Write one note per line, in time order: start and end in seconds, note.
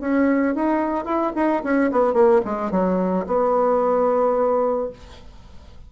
0.00 0.55 C#4
0.55 1.05 D#4
1.05 1.32 E4
1.35 1.62 D#4
1.63 1.91 C#4
1.91 2.13 B3
2.13 2.41 A#3
2.45 2.71 G#3
2.71 3.25 F#3
3.27 4.90 B3